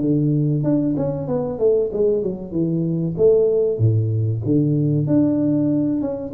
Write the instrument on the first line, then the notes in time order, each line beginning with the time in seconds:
tuba
0.00 D3
0.63 D4
0.96 C#4
1.27 B3
1.58 A3
1.93 G#3
2.22 F#3
2.51 E3
3.17 A3
3.78 A2
4.45 D3
5.06 D4
6.01 C#4